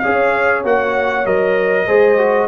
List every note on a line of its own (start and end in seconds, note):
0.00 0.64 C#4
0.00 0.64 G#4
0.00 1.87 C#5
0.00 0.62 F5
0.64 1.25 A#3
0.64 1.26 F#4
0.64 1.26 F#5
1.25 1.87 F#3
1.25 1.87 A#4
1.25 2.48 D#5
1.87 2.48 G#3
1.87 2.18 G#4
1.87 2.48 C5
2.18 2.48 F#4